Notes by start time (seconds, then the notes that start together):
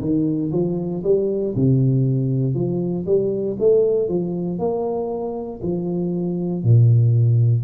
0.00 D#3
0.52 F3
1.03 G3
1.55 C3
2.54 F3
3.06 G3
3.59 A3
4.08 F3
4.59 A#3
5.62 F3
6.63 A#2